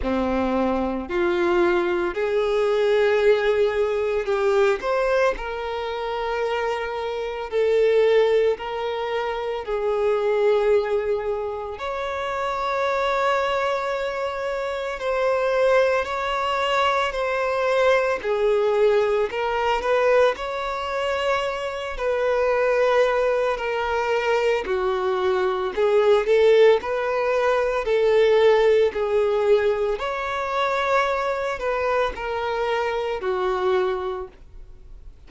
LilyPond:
\new Staff \with { instrumentName = "violin" } { \time 4/4 \tempo 4 = 56 c'4 f'4 gis'2 | g'8 c''8 ais'2 a'4 | ais'4 gis'2 cis''4~ | cis''2 c''4 cis''4 |
c''4 gis'4 ais'8 b'8 cis''4~ | cis''8 b'4. ais'4 fis'4 | gis'8 a'8 b'4 a'4 gis'4 | cis''4. b'8 ais'4 fis'4 | }